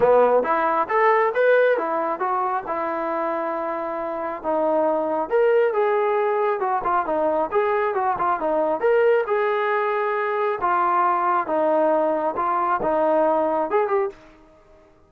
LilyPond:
\new Staff \with { instrumentName = "trombone" } { \time 4/4 \tempo 4 = 136 b4 e'4 a'4 b'4 | e'4 fis'4 e'2~ | e'2 dis'2 | ais'4 gis'2 fis'8 f'8 |
dis'4 gis'4 fis'8 f'8 dis'4 | ais'4 gis'2. | f'2 dis'2 | f'4 dis'2 gis'8 g'8 | }